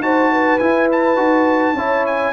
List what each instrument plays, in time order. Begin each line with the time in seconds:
0.00 tuba D#4, trombone F#4, horn C5, trumpet A5
0.32 horn B4
0.59 trombone E4, tuba E4, trumpet G#5
0.92 trumpet A5
1.17 tuba D#4, trombone F#4
1.74 tuba C#4, trombone E4, horn C#5
2.07 trumpet G#5